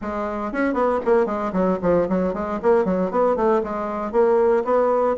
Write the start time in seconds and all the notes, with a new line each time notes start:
0.01 G#3
0.52 C#4
0.73 B3
1.05 A#3
1.26 G#3
1.52 F#3
1.82 F3
2.09 F#3
2.33 G#3
2.62 A#3
2.84 F#3
3.10 B3
3.36 A3
3.63 G#3
4.11 A#3
4.64 B3